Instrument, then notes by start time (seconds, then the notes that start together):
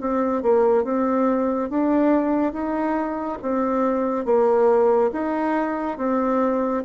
bassoon
0.00 C4
0.42 A#3
0.84 C4
1.69 D4
2.52 D#4
3.42 C4
4.25 A#3
5.12 D#4
5.98 C4